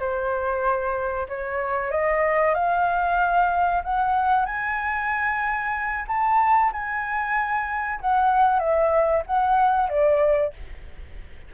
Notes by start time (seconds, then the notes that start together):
0.00 C5
1.29 C#5
1.91 D#5
2.55 F5
3.84 F#5
4.46 G#5
6.08 A5
6.73 G#5
8.00 F#5
8.59 E5
9.26 F#5
9.90 D5